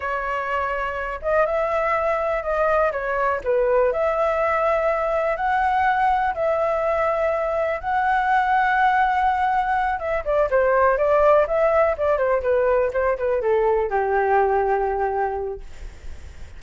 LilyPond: \new Staff \with { instrumentName = "flute" } { \time 4/4 \tempo 4 = 123 cis''2~ cis''8 dis''8 e''4~ | e''4 dis''4 cis''4 b'4 | e''2. fis''4~ | fis''4 e''2. |
fis''1~ | fis''8 e''8 d''8 c''4 d''4 e''8~ | e''8 d''8 c''8 b'4 c''8 b'8 a'8~ | a'8 g'2.~ g'8 | }